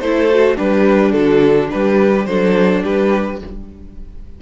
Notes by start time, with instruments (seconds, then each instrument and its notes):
0.00 cello A3, viola E4, violin A4 C5
0.30 viola F#4
0.56 cello G3, violin D4 B4, viola G4
1.12 cello D3, viola F#4, violin A4
1.71 cello G3, viola G4, violin B4
2.26 cello F#3, viola D4, violin A4 C5
2.83 cello G3, violin G4 B4